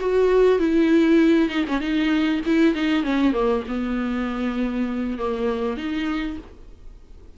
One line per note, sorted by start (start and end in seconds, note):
0.00 0.59 F#4
0.59 1.49 E4
1.49 1.64 D#4
1.67 1.80 C#4
1.80 2.40 D#4
2.46 2.74 E4
2.74 3.03 D#4
3.03 3.33 C#4
3.33 3.63 A#3
3.68 5.18 B3
5.18 5.77 A#3
5.77 6.37 D#4